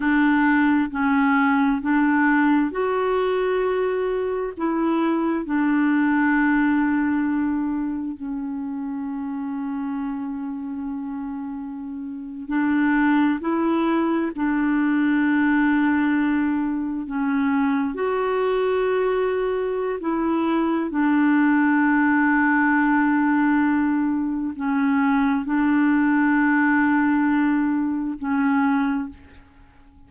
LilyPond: \new Staff \with { instrumentName = "clarinet" } { \time 4/4 \tempo 4 = 66 d'4 cis'4 d'4 fis'4~ | fis'4 e'4 d'2~ | d'4 cis'2.~ | cis'4.~ cis'16 d'4 e'4 d'16~ |
d'2~ d'8. cis'4 fis'16~ | fis'2 e'4 d'4~ | d'2. cis'4 | d'2. cis'4 | }